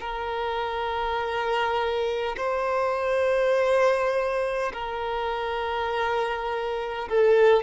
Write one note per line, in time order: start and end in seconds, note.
0.00 2.35 A#4
2.37 4.72 C5
4.73 7.09 A#4
7.09 7.63 A4